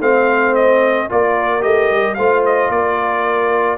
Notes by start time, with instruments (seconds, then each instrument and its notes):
0.00 tuba A3, trombone C4, horn C5, trumpet F5
0.56 trumpet D#5
1.10 tuba A#3, trombone F4, horn A#4, trumpet D5
1.61 tuba A3, trombone G4, trumpet D#5
1.92 tuba G3
2.15 tuba A3, trombone F4, horn C5, trumpet F5
2.46 trumpet D#5
2.70 tuba A#3, horn A#4, trumpet D5